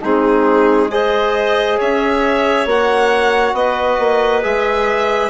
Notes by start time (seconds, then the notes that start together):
0.00 G#3 C4 D#4 G#4
0.90 G#4 C5 D#5
1.78 C#4 C#5 E5
2.65 A#3 F#4 F#5
3.52 B3 B4 D#5
3.99 A#3
4.42 G#3 G#4 E5